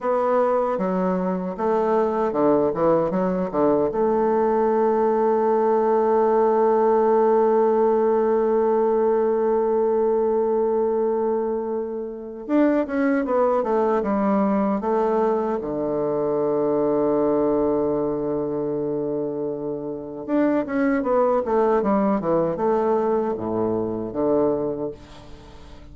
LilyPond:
\new Staff \with { instrumentName = "bassoon" } { \time 4/4 \tempo 4 = 77 b4 fis4 a4 d8 e8 | fis8 d8 a2.~ | a1~ | a1 |
d'8 cis'8 b8 a8 g4 a4 | d1~ | d2 d'8 cis'8 b8 a8 | g8 e8 a4 a,4 d4 | }